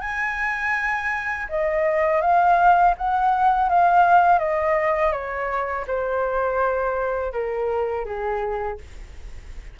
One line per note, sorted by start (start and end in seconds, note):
0.00 1.46 G#5
1.49 2.21 D#5
2.21 2.94 F5
2.98 3.69 F#5
3.69 4.39 F5
4.39 5.12 D#5
5.12 5.85 C#5
5.87 7.32 C5
7.32 8.05 A#4
8.05 8.78 G#4